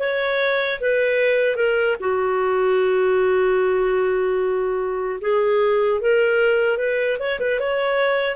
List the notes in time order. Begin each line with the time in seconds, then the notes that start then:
0.00 C#5
0.81 B4
1.57 A#4
2.00 F#4
5.21 G#4
6.01 A#4
6.78 B4
7.20 C#5
7.40 B4
7.60 C#5